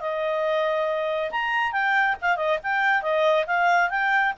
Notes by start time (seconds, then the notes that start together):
0.00 D#5
1.30 A#5
1.72 G5
2.21 F5
2.36 D#5
2.62 G5
3.02 D#5
3.46 F5
3.90 G5